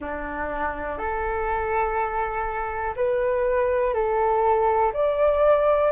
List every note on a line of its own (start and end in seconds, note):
0.00 0.97 D4
0.97 2.94 A4
2.96 3.93 B4
3.93 4.92 A4
4.93 5.91 D5